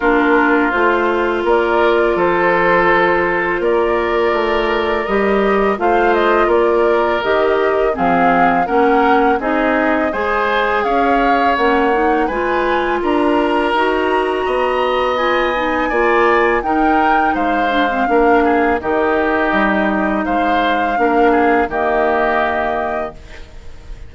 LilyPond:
<<
  \new Staff \with { instrumentName = "flute" } { \time 4/4 \tempo 4 = 83 ais'4 c''4 d''4 c''4~ | c''4 d''2 dis''4 | f''8 dis''8 d''4 dis''4 f''4 | fis''4 dis''4 gis''4 f''4 |
fis''4 gis''4 ais''2~ | ais''4 gis''2 g''4 | f''2 dis''2 | f''2 dis''2 | }
  \new Staff \with { instrumentName = "oboe" } { \time 4/4 f'2 ais'4 a'4~ | a'4 ais'2. | c''4 ais'2 gis'4 | ais'4 gis'4 c''4 cis''4~ |
cis''4 b'4 ais'2 | dis''2 d''4 ais'4 | c''4 ais'8 gis'8 g'2 | c''4 ais'8 gis'8 g'2 | }
  \new Staff \with { instrumentName = "clarinet" } { \time 4/4 d'4 f'2.~ | f'2. g'4 | f'2 g'4 c'4 | cis'4 dis'4 gis'2 |
cis'8 dis'8 f'2 fis'4~ | fis'4 f'8 dis'8 f'4 dis'4~ | dis'8 d'16 c'16 d'4 dis'2~ | dis'4 d'4 ais2 | }
  \new Staff \with { instrumentName = "bassoon" } { \time 4/4 ais4 a4 ais4 f4~ | f4 ais4 a4 g4 | a4 ais4 dis4 f4 | ais4 c'4 gis4 cis'4 |
ais4 gis4 d'4 dis'4 | b2 ais4 dis'4 | gis4 ais4 dis4 g4 | gis4 ais4 dis2 | }
>>